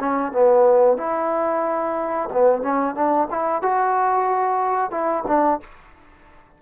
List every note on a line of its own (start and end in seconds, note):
0.00 0.32 C#4
0.32 0.97 B3
0.97 2.29 E4
2.33 2.62 B3
2.62 2.95 C#4
2.95 3.28 D4
3.31 3.62 E4
3.62 4.91 F#4
4.91 5.24 E4
5.27 5.60 D4